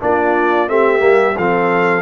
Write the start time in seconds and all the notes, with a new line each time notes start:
0.00 A#3 D4 F4 D5
0.68 A3 C4 G4 E5
0.99 G3 A#3
1.37 F3 C4 A4 F5